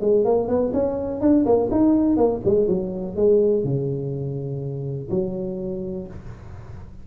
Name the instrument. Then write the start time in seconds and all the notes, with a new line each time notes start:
tuba
0.00 G#3
0.24 A#3
0.48 B3
0.73 C#4
1.21 D4
1.45 A#3
1.71 D#4
2.16 A#3
2.44 G#3
2.67 F#3
3.16 G#3
3.64 C#3
5.10 F#3